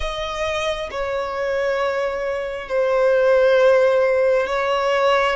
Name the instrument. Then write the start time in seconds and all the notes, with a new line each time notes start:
violin
0.00 D#5
0.90 C#5
2.68 C5
4.46 C#5